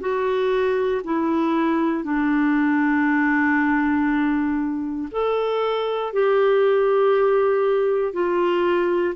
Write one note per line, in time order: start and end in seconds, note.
0.00 1.02 F#4
1.04 2.03 E4
2.03 5.08 D4
5.11 6.13 A4
6.13 8.13 G4
8.13 9.14 F4